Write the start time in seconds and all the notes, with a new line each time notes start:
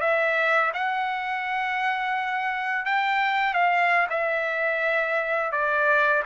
0.00 E5
0.73 F#5
2.85 G5
3.53 F5
4.09 E5
5.51 D5